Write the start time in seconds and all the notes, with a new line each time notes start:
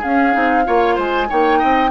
0.00 C#4 G#4 F5
0.33 C4 D#4
0.65 A#3 F4 C#5
0.96 G#3 C5 G#5
1.30 A#3 D#4 C#5 G5
1.59 C4 D#5